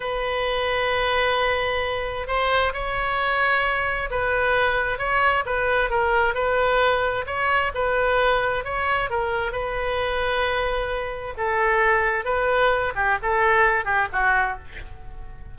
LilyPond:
\new Staff \with { instrumentName = "oboe" } { \time 4/4 \tempo 4 = 132 b'1~ | b'4 c''4 cis''2~ | cis''4 b'2 cis''4 | b'4 ais'4 b'2 |
cis''4 b'2 cis''4 | ais'4 b'2.~ | b'4 a'2 b'4~ | b'8 g'8 a'4. g'8 fis'4 | }